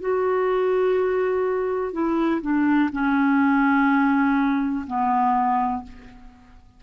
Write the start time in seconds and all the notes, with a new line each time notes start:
0.00 F#4
1.92 E4
2.41 D4
2.92 C#4
4.86 B3